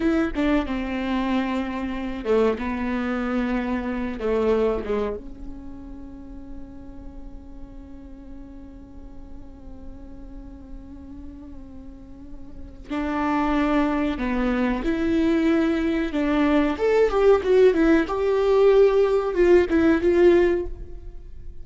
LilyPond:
\new Staff \with { instrumentName = "viola" } { \time 4/4 \tempo 4 = 93 e'8 d'8 c'2~ c'8 a8 | b2~ b8 a4 gis8 | cis'1~ | cis'1~ |
cis'1 | d'2 b4 e'4~ | e'4 d'4 a'8 g'8 fis'8 e'8 | g'2 f'8 e'8 f'4 | }